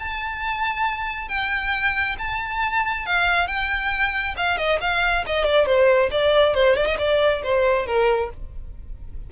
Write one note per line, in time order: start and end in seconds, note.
0.00 1.29 A5
1.29 2.17 G5
2.19 3.07 A5
3.07 3.48 F5
3.48 4.35 G5
4.37 4.58 F5
4.58 4.80 D#5
4.81 5.25 F5
5.27 5.45 D#5
5.45 5.67 D5
5.67 6.10 C5
6.12 6.55 D5
6.55 6.77 C5
6.77 6.87 D5
6.87 6.98 D#5
6.99 7.43 D5
7.44 7.87 C5
7.87 8.31 A#4